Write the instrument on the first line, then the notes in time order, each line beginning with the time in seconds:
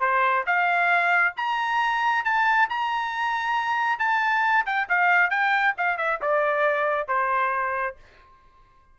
trumpet
0.00 C5
0.46 F5
1.37 A#5
2.24 A5
2.69 A#5
3.99 A5
4.66 G5
4.89 F5
5.30 G5
5.77 F5
5.97 E5
6.21 D5
7.08 C5